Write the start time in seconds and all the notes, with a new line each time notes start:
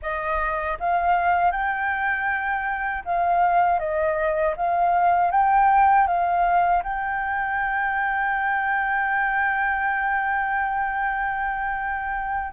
0.02 D#5
0.79 F5
1.51 G5
3.04 F5
3.79 D#5
4.56 F5
5.31 G5
6.07 F5
6.83 G5